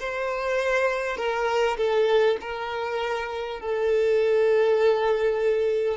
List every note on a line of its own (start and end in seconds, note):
0.00 1.17 C5
1.17 1.77 A#4
1.78 2.38 A4
2.42 3.61 A#4
3.61 5.98 A4